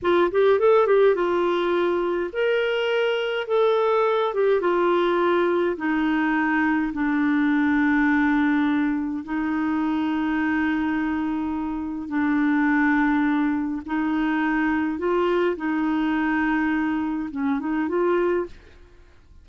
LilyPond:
\new Staff \with { instrumentName = "clarinet" } { \time 4/4 \tempo 4 = 104 f'8 g'8 a'8 g'8 f'2 | ais'2 a'4. g'8 | f'2 dis'2 | d'1 |
dis'1~ | dis'4 d'2. | dis'2 f'4 dis'4~ | dis'2 cis'8 dis'8 f'4 | }